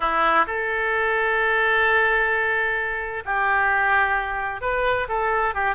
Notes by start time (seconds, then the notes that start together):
0.00 E4
0.46 A4
3.25 G4
4.61 B4
5.08 A4
5.54 G4